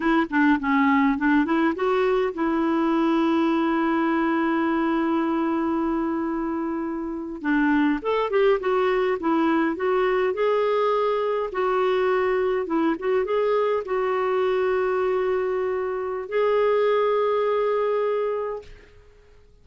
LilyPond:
\new Staff \with { instrumentName = "clarinet" } { \time 4/4 \tempo 4 = 103 e'8 d'8 cis'4 d'8 e'8 fis'4 | e'1~ | e'1~ | e'8. d'4 a'8 g'8 fis'4 e'16~ |
e'8. fis'4 gis'2 fis'16~ | fis'4.~ fis'16 e'8 fis'8 gis'4 fis'16~ | fis'1 | gis'1 | }